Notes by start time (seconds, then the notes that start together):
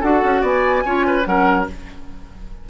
0.00 D4 F#4 A4 F#5
0.23 C#4
0.41 B3 D5 G#5
0.85 C#4 F4 C#5
1.06 B4
1.23 F#3 C#4 A#4 F#5